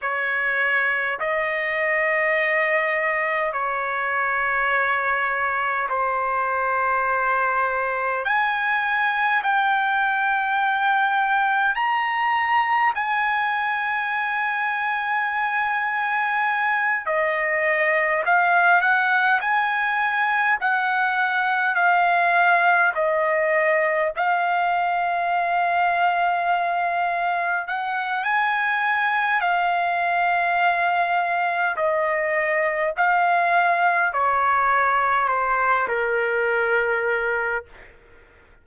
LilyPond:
\new Staff \with { instrumentName = "trumpet" } { \time 4/4 \tempo 4 = 51 cis''4 dis''2 cis''4~ | cis''4 c''2 gis''4 | g''2 ais''4 gis''4~ | gis''2~ gis''8 dis''4 f''8 |
fis''8 gis''4 fis''4 f''4 dis''8~ | dis''8 f''2. fis''8 | gis''4 f''2 dis''4 | f''4 cis''4 c''8 ais'4. | }